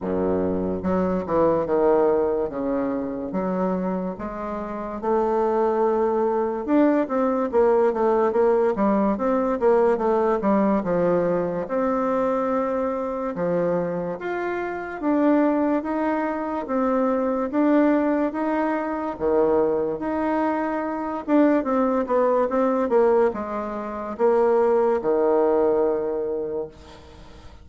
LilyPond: \new Staff \with { instrumentName = "bassoon" } { \time 4/4 \tempo 4 = 72 fis,4 fis8 e8 dis4 cis4 | fis4 gis4 a2 | d'8 c'8 ais8 a8 ais8 g8 c'8 ais8 | a8 g8 f4 c'2 |
f4 f'4 d'4 dis'4 | c'4 d'4 dis'4 dis4 | dis'4. d'8 c'8 b8 c'8 ais8 | gis4 ais4 dis2 | }